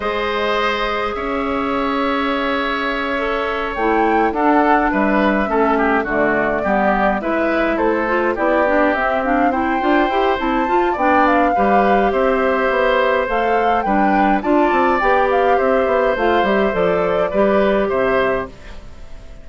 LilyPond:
<<
  \new Staff \with { instrumentName = "flute" } { \time 4/4 \tempo 4 = 104 dis''2 e''2~ | e''2~ e''8 g''4 fis''8~ | fis''8 e''2 d''4.~ | d''8 e''4 c''4 d''4 e''8 |
f''8 g''4. a''4 g''8 f''8~ | f''4 e''2 f''4 | g''4 a''4 g''8 f''8 e''4 | f''8 e''8 d''2 e''4 | }
  \new Staff \with { instrumentName = "oboe" } { \time 4/4 c''2 cis''2~ | cis''2.~ cis''8 a'8~ | a'8 b'4 a'8 g'8 fis'4 g'8~ | g'8 b'4 a'4 g'4.~ |
g'8 c''2~ c''8 d''4 | b'4 c''2. | b'4 d''2 c''4~ | c''2 b'4 c''4 | }
  \new Staff \with { instrumentName = "clarinet" } { \time 4/4 gis'1~ | gis'4. a'4 e'4 d'8~ | d'4. cis'4 a4 b8~ | b8 e'4. f'8 e'8 d'8 c'8 |
d'8 e'8 f'8 g'8 e'8 f'8 d'4 | g'2. a'4 | d'4 f'4 g'2 | f'8 g'8 a'4 g'2 | }
  \new Staff \with { instrumentName = "bassoon" } { \time 4/4 gis2 cis'2~ | cis'2~ cis'8 a4 d'8~ | d'8 g4 a4 d4 g8~ | g8 gis4 a4 b4 c'8~ |
c'4 d'8 e'8 c'8 f'8 b4 | g4 c'4 b4 a4 | g4 d'8 c'8 b4 c'8 b8 | a8 g8 f4 g4 c4 | }
>>